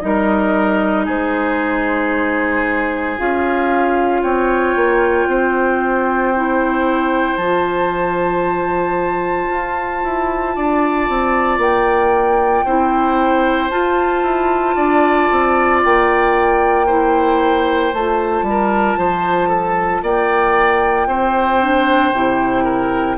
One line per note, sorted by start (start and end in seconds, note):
0.00 1.07 G3
0.00 3.17 D#4
0.00 1.05 A#4
0.00 1.05 D#5
1.05 3.18 G#3
1.05 4.21 G#4
1.05 3.18 C5
3.18 4.23 C#4
3.18 6.34 F4
3.18 4.22 F5
4.22 4.75 C4
4.22 5.28 C#5
4.22 7.36 G5
4.75 5.26 A#3
5.26 7.37 C4
5.26 10.55 C5
6.35 7.39 E4
7.36 9.48 F3
7.36 12.66 F4
7.36 11.57 A5
9.49 10.02 F4
10.03 10.56 E4
10.55 11.08 D4
10.55 12.65 D5
11.08 11.58 C4
11.58 12.63 A#3
11.58 13.69 G5
12.64 13.70 C4
12.64 13.70 E4
12.64 14.75 C5
13.69 14.22 F4
13.69 16.86 F4
13.69 15.80 A5
14.22 14.75 E4
14.75 15.29 D4
14.75 16.86 D5
15.31 15.84 C4
15.84 17.93 A#3
15.84 17.93 G5
16.86 17.93 E4
16.86 18.44 C5
17.93 18.42 A3
17.93 21.61 F4
17.93 20.04 A5
18.42 18.95 G3
18.49 18.98 A#4
18.96 20.02 F3
18.96 19.48 C5
19.48 20.01 A4
20.02 21.06 A#3
20.02 21.07 D5
20.02 23.18 G5
21.06 22.12 C4
21.06 22.64 C5
21.61 22.13 D4
22.12 23.18 C3
22.12 23.18 E4
22.64 23.16 A#4